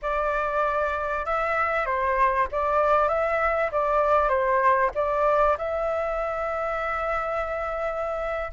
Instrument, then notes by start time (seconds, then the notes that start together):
flute
0.01 D5
1.25 E5
1.85 C5
2.51 D5
3.08 E5
3.71 D5
4.28 C5
4.95 D5
5.58 E5